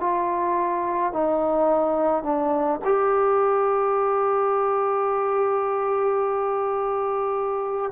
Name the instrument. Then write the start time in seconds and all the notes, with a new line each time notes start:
trombone
0.00 F4
1.13 D#4
2.23 D4
2.85 G4